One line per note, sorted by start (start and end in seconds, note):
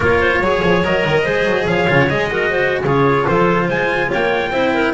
0.00 0.40 A#3
0.00 0.43 F4
0.00 0.20 A#4
0.00 0.84 C#5
0.20 0.41 C5
0.40 0.61 F#3
0.40 0.84 G#4
0.40 1.24 C#5
0.62 0.83 F3
0.83 1.04 F#3
0.83 1.25 A#4
0.83 1.66 D#5
1.05 1.26 D#3
1.24 1.44 G#3
1.24 1.87 G#4
1.24 1.65 C5
1.44 1.65 F#3
1.66 1.87 F3
1.66 2.31 C#5
1.66 1.98 F5
1.87 2.10 C#3
1.87 2.08 F4
1.99 2.09 F#5
2.09 2.83 G#3
2.09 2.30 G#4
2.09 2.82 D#5
2.31 2.83 F#4
2.31 2.50 A#4
2.50 2.81 C5
2.83 3.25 C#3
2.83 4.52 F4
2.83 3.26 G#4
2.83 3.27 C#5
3.26 3.67 F3
3.26 3.65 A4
3.26 3.69 C5
3.65 4.09 G#3
3.65 4.07 C5
3.65 4.11 G#5
4.10 4.50 A#3
4.10 4.52 C#5
4.10 4.93 G5
4.50 4.92 C4
4.50 4.93 E4
4.50 4.73 C5
4.73 4.93 A#4